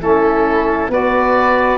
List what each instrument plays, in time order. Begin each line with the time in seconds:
0.00 tuba A3, saxophone C#4, flute E4, oboe A4
0.89 tuba B3, saxophone F#4, flute B4, oboe D5